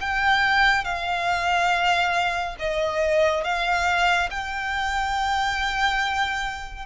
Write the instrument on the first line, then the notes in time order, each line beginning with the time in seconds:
violin
0.00 G5
0.85 F5
2.59 D#5
3.44 F5
4.30 G5